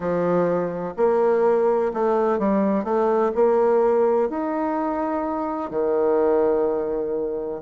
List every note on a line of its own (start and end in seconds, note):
0.00 0.94 F3
0.96 1.92 A#3
1.93 2.38 A3
2.38 2.84 G3
2.84 3.31 A3
3.34 4.29 A#3
4.29 5.70 D#4
5.70 7.61 D#3